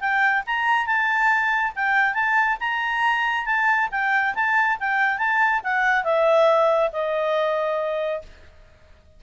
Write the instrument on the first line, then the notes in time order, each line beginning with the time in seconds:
clarinet
0.00 G5
0.46 A#5
0.86 A5
1.75 G5
2.14 A5
2.60 A#5
3.46 A5
3.91 G5
4.34 A5
4.79 G5
5.18 A5
5.64 F#5
6.04 E5
6.92 D#5